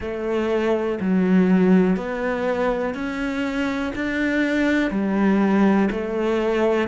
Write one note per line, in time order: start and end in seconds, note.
0.00 0.98 A3
1.00 1.96 F#3
1.96 2.94 B3
2.94 3.93 C#4
3.95 4.90 D4
4.90 5.89 G3
5.91 6.88 A3